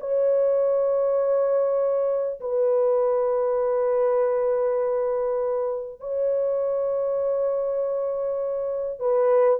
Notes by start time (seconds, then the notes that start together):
0.00 C#5
2.41 B4
6.00 C#5
9.00 B4